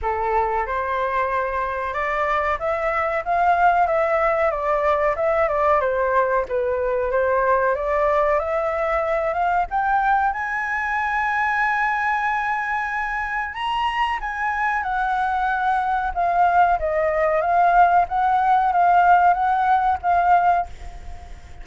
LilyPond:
\new Staff \with { instrumentName = "flute" } { \time 4/4 \tempo 4 = 93 a'4 c''2 d''4 | e''4 f''4 e''4 d''4 | e''8 d''8 c''4 b'4 c''4 | d''4 e''4. f''8 g''4 |
gis''1~ | gis''4 ais''4 gis''4 fis''4~ | fis''4 f''4 dis''4 f''4 | fis''4 f''4 fis''4 f''4 | }